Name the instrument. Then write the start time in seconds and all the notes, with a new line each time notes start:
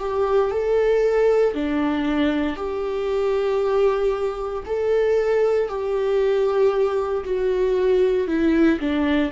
viola
0.00 G4
0.52 A4
1.55 D4
2.57 G4
4.66 A4
5.69 G4
7.25 F#4
8.28 E4
8.80 D4